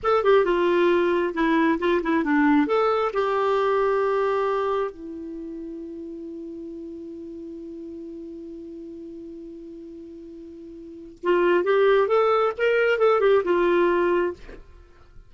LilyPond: \new Staff \with { instrumentName = "clarinet" } { \time 4/4 \tempo 4 = 134 a'8 g'8 f'2 e'4 | f'8 e'8 d'4 a'4 g'4~ | g'2. e'4~ | e'1~ |
e'1~ | e'1~ | e'4 f'4 g'4 a'4 | ais'4 a'8 g'8 f'2 | }